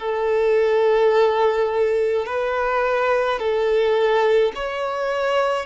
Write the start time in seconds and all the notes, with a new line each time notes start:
0.00 A4
2.26 B4
3.40 A4
4.55 C#5